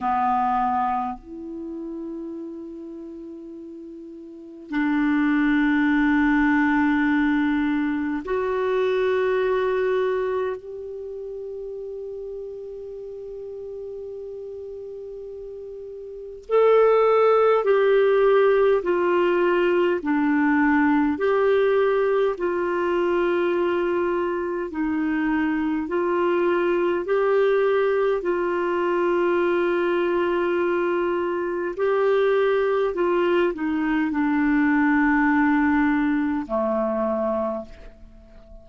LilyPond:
\new Staff \with { instrumentName = "clarinet" } { \time 4/4 \tempo 4 = 51 b4 e'2. | d'2. fis'4~ | fis'4 g'2.~ | g'2 a'4 g'4 |
f'4 d'4 g'4 f'4~ | f'4 dis'4 f'4 g'4 | f'2. g'4 | f'8 dis'8 d'2 a4 | }